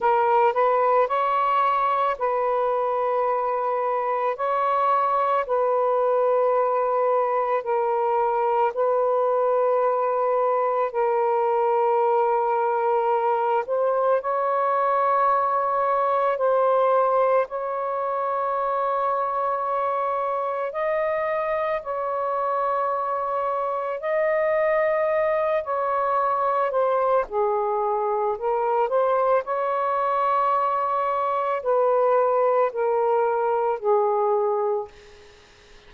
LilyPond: \new Staff \with { instrumentName = "saxophone" } { \time 4/4 \tempo 4 = 55 ais'8 b'8 cis''4 b'2 | cis''4 b'2 ais'4 | b'2 ais'2~ | ais'8 c''8 cis''2 c''4 |
cis''2. dis''4 | cis''2 dis''4. cis''8~ | cis''8 c''8 gis'4 ais'8 c''8 cis''4~ | cis''4 b'4 ais'4 gis'4 | }